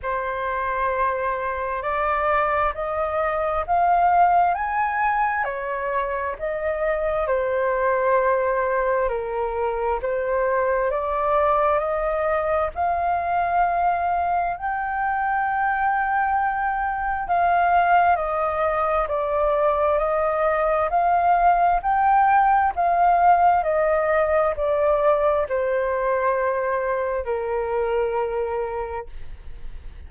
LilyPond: \new Staff \with { instrumentName = "flute" } { \time 4/4 \tempo 4 = 66 c''2 d''4 dis''4 | f''4 gis''4 cis''4 dis''4 | c''2 ais'4 c''4 | d''4 dis''4 f''2 |
g''2. f''4 | dis''4 d''4 dis''4 f''4 | g''4 f''4 dis''4 d''4 | c''2 ais'2 | }